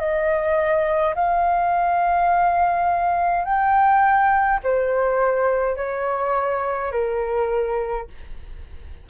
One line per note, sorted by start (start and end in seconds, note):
0.00 1.15 D#5
1.15 3.45 F5
3.45 4.60 G5
4.64 5.77 C5
5.77 6.92 C#5
6.92 8.08 A#4